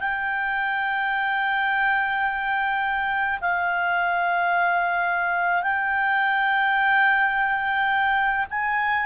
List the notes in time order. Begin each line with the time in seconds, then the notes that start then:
0.00 G5
3.41 F5
5.62 G5
8.50 G#5